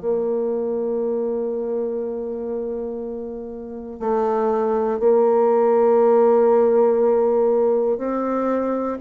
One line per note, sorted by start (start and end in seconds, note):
0.00 3.99 A#3
3.99 4.99 A3
4.99 7.98 A#3
7.98 8.98 C4